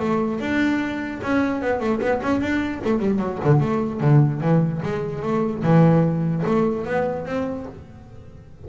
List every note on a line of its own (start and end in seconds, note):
0.00 0.40 A3
0.40 1.21 D4
1.23 1.62 C#4
1.62 1.80 B3
1.80 2.01 A3
2.01 2.21 B3
2.23 2.41 C#4
2.41 2.81 D4
2.85 2.99 A3
2.99 3.19 G3
3.19 3.39 F#3
3.45 3.61 D3
3.61 4.01 A3
4.01 4.41 D3
4.41 4.82 E3
4.83 5.23 G#3
5.23 5.63 A3
5.64 6.44 E3
6.46 6.86 A3
6.86 7.26 B3
7.26 7.66 C4